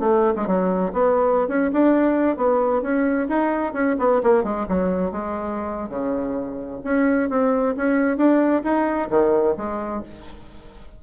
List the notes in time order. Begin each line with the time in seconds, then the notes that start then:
0.00 A3
0.36 G#3
0.47 F#3
0.93 B3
1.49 C#4
1.73 D4
2.37 B3
2.82 C#4
3.29 D#4
3.74 C#4
3.99 B3
4.24 A#3
4.44 G#3
4.69 F#3
5.12 G#3
5.89 C#3
6.84 C#4
7.30 C4
7.77 C#4
8.17 D4
8.64 D#4
9.10 D#3
9.58 G#3